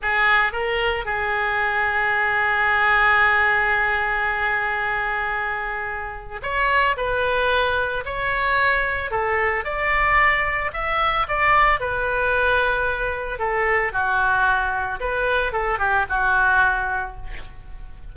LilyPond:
\new Staff \with { instrumentName = "oboe" } { \time 4/4 \tempo 4 = 112 gis'4 ais'4 gis'2~ | gis'1~ | gis'1 | cis''4 b'2 cis''4~ |
cis''4 a'4 d''2 | e''4 d''4 b'2~ | b'4 a'4 fis'2 | b'4 a'8 g'8 fis'2 | }